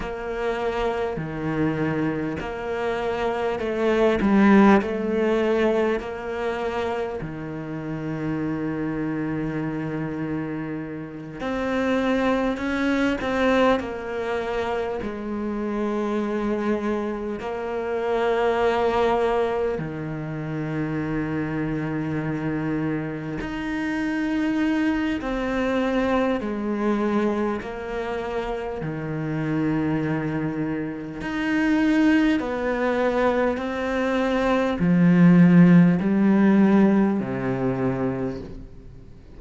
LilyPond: \new Staff \with { instrumentName = "cello" } { \time 4/4 \tempo 4 = 50 ais4 dis4 ais4 a8 g8 | a4 ais4 dis2~ | dis4. c'4 cis'8 c'8 ais8~ | ais8 gis2 ais4.~ |
ais8 dis2. dis'8~ | dis'4 c'4 gis4 ais4 | dis2 dis'4 b4 | c'4 f4 g4 c4 | }